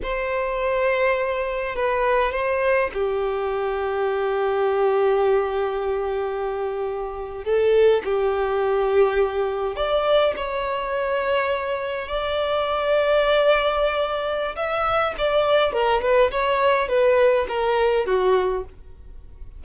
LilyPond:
\new Staff \with { instrumentName = "violin" } { \time 4/4 \tempo 4 = 103 c''2. b'4 | c''4 g'2.~ | g'1~ | g'8. a'4 g'2~ g'16~ |
g'8. d''4 cis''2~ cis''16~ | cis''8. d''2.~ d''16~ | d''4 e''4 d''4 ais'8 b'8 | cis''4 b'4 ais'4 fis'4 | }